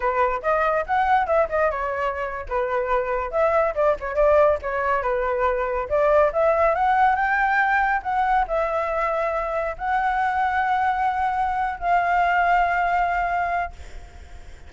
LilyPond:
\new Staff \with { instrumentName = "flute" } { \time 4/4 \tempo 4 = 140 b'4 dis''4 fis''4 e''8 dis''8 | cis''4.~ cis''16 b'2 e''16~ | e''8. d''8 cis''8 d''4 cis''4 b'16~ | b'4.~ b'16 d''4 e''4 fis''16~ |
fis''8. g''2 fis''4 e''16~ | e''2~ e''8. fis''4~ fis''16~ | fis''2.~ fis''8 f''8~ | f''1 | }